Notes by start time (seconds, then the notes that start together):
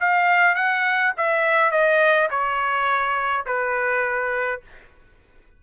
0.00 F5
0.55 F#5
1.17 E5
1.71 D#5
2.31 C#5
3.46 B4